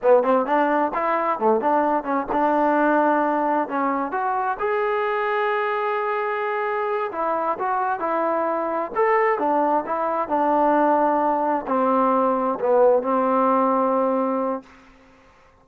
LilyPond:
\new Staff \with { instrumentName = "trombone" } { \time 4/4 \tempo 4 = 131 b8 c'8 d'4 e'4 a8 d'8~ | d'8 cis'8 d'2. | cis'4 fis'4 gis'2~ | gis'2.~ gis'8 e'8~ |
e'8 fis'4 e'2 a'8~ | a'8 d'4 e'4 d'4.~ | d'4. c'2 b8~ | b8 c'2.~ c'8 | }